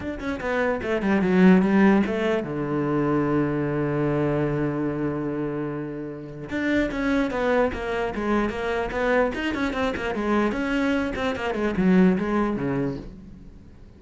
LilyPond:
\new Staff \with { instrumentName = "cello" } { \time 4/4 \tempo 4 = 148 d'8 cis'8 b4 a8 g8 fis4 | g4 a4 d2~ | d1~ | d1 |
d'4 cis'4 b4 ais4 | gis4 ais4 b4 dis'8 cis'8 | c'8 ais8 gis4 cis'4. c'8 | ais8 gis8 fis4 gis4 cis4 | }